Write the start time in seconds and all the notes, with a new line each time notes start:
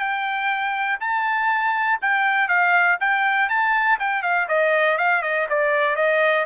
0.00 G5
1.00 A5
2.02 G5
2.48 F5
3.00 G5
3.49 A5
4.00 G5
4.23 F5
4.48 D#5
4.98 F5
5.22 D#5
5.50 D5
5.96 D#5